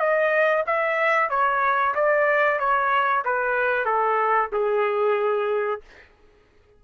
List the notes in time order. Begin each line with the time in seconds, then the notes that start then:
0.00 D#5
0.67 E5
1.30 C#5
1.95 D5
2.59 C#5
3.25 B4
3.86 A4
4.52 G#4